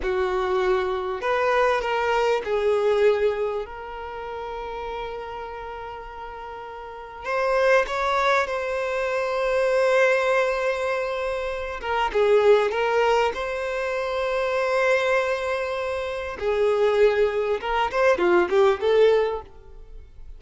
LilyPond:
\new Staff \with { instrumentName = "violin" } { \time 4/4 \tempo 4 = 99 fis'2 b'4 ais'4 | gis'2 ais'2~ | ais'1 | c''4 cis''4 c''2~ |
c''2.~ c''8 ais'8 | gis'4 ais'4 c''2~ | c''2. gis'4~ | gis'4 ais'8 c''8 f'8 g'8 a'4 | }